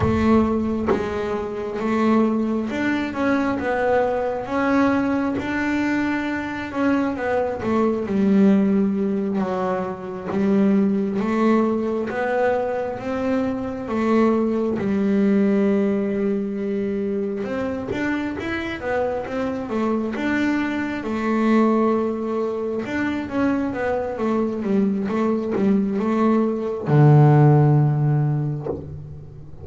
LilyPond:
\new Staff \with { instrumentName = "double bass" } { \time 4/4 \tempo 4 = 67 a4 gis4 a4 d'8 cis'8 | b4 cis'4 d'4. cis'8 | b8 a8 g4. fis4 g8~ | g8 a4 b4 c'4 a8~ |
a8 g2. c'8 | d'8 e'8 b8 c'8 a8 d'4 a8~ | a4. d'8 cis'8 b8 a8 g8 | a8 g8 a4 d2 | }